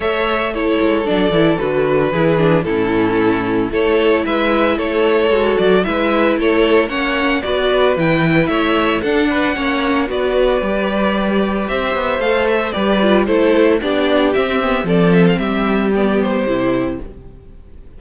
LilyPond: <<
  \new Staff \with { instrumentName = "violin" } { \time 4/4 \tempo 4 = 113 e''4 cis''4 d''4 b'4~ | b'4 a'2 cis''4 | e''4 cis''4. d''8 e''4 | cis''4 fis''4 d''4 g''4 |
e''4 fis''2 d''4~ | d''2 e''4 f''8 e''8 | d''4 c''4 d''4 e''4 | d''8 e''16 f''16 e''4 d''8 c''4. | }
  \new Staff \with { instrumentName = "violin" } { \time 4/4 cis''4 a'2. | gis'4 e'2 a'4 | b'4 a'2 b'4 | a'4 cis''4 b'2 |
cis''4 a'8 b'8 cis''4 b'4~ | b'2 c''2 | b'4 a'4 g'2 | a'4 g'2. | }
  \new Staff \with { instrumentName = "viola" } { \time 4/4 a'4 e'4 d'8 e'8 fis'4 | e'8 d'8 cis'2 e'4~ | e'2 fis'4 e'4~ | e'4 cis'4 fis'4 e'4~ |
e'4 d'4 cis'4 fis'4 | g'2. a'4 | g'8 f'8 e'4 d'4 c'8 b8 | c'2 b4 e'4 | }
  \new Staff \with { instrumentName = "cello" } { \time 4/4 a4. gis8 fis8 e8 d4 | e4 a,2 a4 | gis4 a4 gis8 fis8 gis4 | a4 ais4 b4 e4 |
a4 d'4 ais4 b4 | g2 c'8 b8 a4 | g4 a4 b4 c'4 | f4 g2 c4 | }
>>